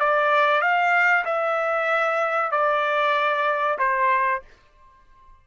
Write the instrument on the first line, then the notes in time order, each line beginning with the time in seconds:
trumpet
0.00 D5
0.62 F5
1.25 E5
2.52 D5
3.79 C5